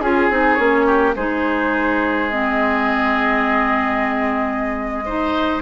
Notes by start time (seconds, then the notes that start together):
0.00 C#4 F4 G#4
0.29 C4 D#4
0.54 A#3 C#4 C#5
0.86 G4
1.15 G#3 D#4 G#4 C5
2.30 C4 D#5
5.05 D#4 C5